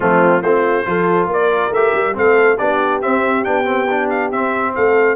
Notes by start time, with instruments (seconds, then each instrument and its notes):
0.00 tuba F3, trombone A3, horn C4, trumpet F4
0.41 tuba A3, trombone C4, horn F4, trumpet C5
0.85 tuba F3, trombone F4, horn A4
1.26 tuba A#3, horn A#4
1.33 trumpet D5
1.71 tuba A3, trombone G4, trumpet E5
1.94 tuba G3
2.14 tuba A3, trombone C4, horn A4, trumpet F5
2.57 tuba B3, trombone D4, horn G4, trumpet D5
3.01 trombone C4, tuba C4, trumpet E5
3.44 tuba B3, trombone D4, trumpet G5
3.65 trombone C4
3.90 trombone D4
4.09 trumpet F5
4.31 tuba C4, trombone C4, trumpet E5
4.75 tuba A3, horn A4, trumpet F5